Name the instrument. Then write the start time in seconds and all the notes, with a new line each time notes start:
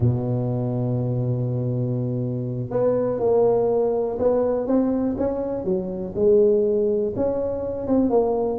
tuba
0.00 B2
2.70 B3
3.19 A#3
4.18 B3
4.67 C4
5.17 C#4
5.64 F#3
6.15 G#3
7.16 C#4
7.87 C4
8.09 A#3